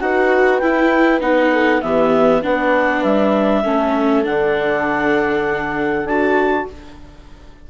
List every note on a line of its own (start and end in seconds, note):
0.00 0.61 D#4
0.00 0.61 F#4
0.00 1.52 B4
0.00 0.59 F#5
0.59 1.21 E4
0.59 1.20 E4
0.59 1.19 G5
1.20 1.81 B3
1.20 1.81 D#4
1.20 1.82 F#5
1.52 1.82 A4
1.81 2.43 E3
1.81 2.42 B3
1.81 2.42 G4
1.81 2.42 E5
2.42 3.04 B3
2.42 3.63 D4
2.42 3.63 B4
2.42 3.03 F#5
3.03 3.64 G3
3.03 4.24 E5
3.63 4.25 A3
3.63 4.24 C#4
3.63 6.66 A4
4.24 6.04 D3
4.24 6.05 D4
4.24 6.06 F#5
6.04 6.65 D4
6.04 6.69 F#4
6.04 6.67 A5